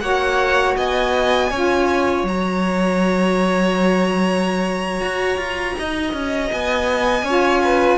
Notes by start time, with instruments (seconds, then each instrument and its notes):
0.00 cello A#3, saxophone F#4, violin C#5 F#5
0.77 cello B3, violin D#5 G#5
1.50 cello C#4, saxophone F4, violin C#5
2.23 cello F#3, saxophone F#4, violin A#5
5.01 cello F#4
5.37 cello F4
5.78 cello D#4, violin D#5
6.13 cello C#4
6.52 cello B3, violin G#5
7.22 cello C#4, saxophone F4, violin C#5
7.64 violin B4